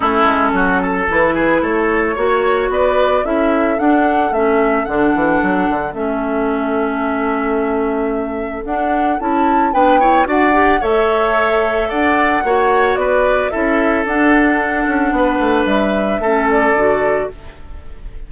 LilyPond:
<<
  \new Staff \with { instrumentName = "flute" } { \time 4/4 \tempo 4 = 111 a'2 b'4 cis''4~ | cis''4 d''4 e''4 fis''4 | e''4 fis''2 e''4~ | e''1 |
fis''4 a''4 g''4 fis''4 | e''2 fis''2 | d''4 e''4 fis''2~ | fis''4 e''4. d''4. | }
  \new Staff \with { instrumentName = "oboe" } { \time 4/4 e'4 fis'8 a'4 gis'8 a'4 | cis''4 b'4 a'2~ | a'1~ | a'1~ |
a'2 b'8 cis''8 d''4 | cis''2 d''4 cis''4 | b'4 a'2. | b'2 a'2 | }
  \new Staff \with { instrumentName = "clarinet" } { \time 4/4 cis'2 e'2 | fis'2 e'4 d'4 | cis'4 d'2 cis'4~ | cis'1 |
d'4 e'4 d'8 e'8 fis'8 g'8 | a'2. fis'4~ | fis'4 e'4 d'2~ | d'2 cis'4 fis'4 | }
  \new Staff \with { instrumentName = "bassoon" } { \time 4/4 a8 gis8 fis4 e4 a4 | ais4 b4 cis'4 d'4 | a4 d8 e8 fis8 d8 a4~ | a1 |
d'4 cis'4 b4 d'4 | a2 d'4 ais4 | b4 cis'4 d'4. cis'8 | b8 a8 g4 a4 d4 | }
>>